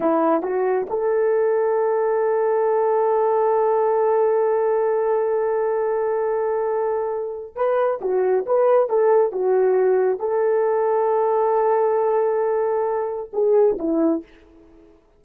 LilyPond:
\new Staff \with { instrumentName = "horn" } { \time 4/4 \tempo 4 = 135 e'4 fis'4 a'2~ | a'1~ | a'1~ | a'1~ |
a'4 b'4 fis'4 b'4 | a'4 fis'2 a'4~ | a'1~ | a'2 gis'4 e'4 | }